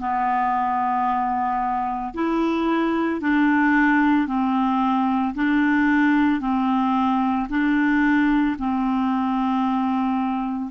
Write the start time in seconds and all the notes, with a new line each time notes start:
0.00 B3
2.14 E4
3.21 D4
4.28 C4
5.35 D4
6.41 C4
7.50 D4
8.59 C4